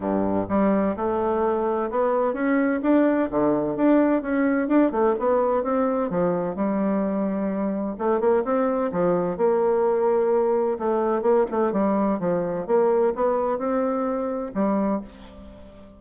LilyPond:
\new Staff \with { instrumentName = "bassoon" } { \time 4/4 \tempo 4 = 128 g,4 g4 a2 | b4 cis'4 d'4 d4 | d'4 cis'4 d'8 a8 b4 | c'4 f4 g2~ |
g4 a8 ais8 c'4 f4 | ais2. a4 | ais8 a8 g4 f4 ais4 | b4 c'2 g4 | }